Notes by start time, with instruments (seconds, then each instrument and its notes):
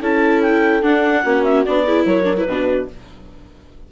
0.00 bassoon C#4, viola E4, horn A4, clarinet A5
0.41 clarinet G5
0.82 viola D4, bassoon D4, clarinet F#5
1.23 bassoon A#3, viola C#4, horn F#4
1.43 clarinet E5
1.64 bassoon B3, viola D4, clarinet D5
1.84 viola E4, horn G#4
2.05 bassoon F#3, horn A#4, clarinet C#5
2.24 viola D4
2.37 viola E4, clarinet B4
2.47 bassoon B2, viola D4, horn F#4